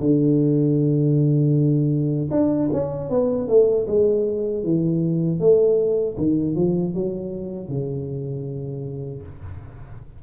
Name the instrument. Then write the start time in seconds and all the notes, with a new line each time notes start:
tuba
0.00 D3
2.31 D4
2.73 C#4
3.10 B3
3.49 A3
3.88 G#3
4.64 E3
5.40 A3
6.18 D#3
6.56 F3
6.95 F#3
7.69 C#3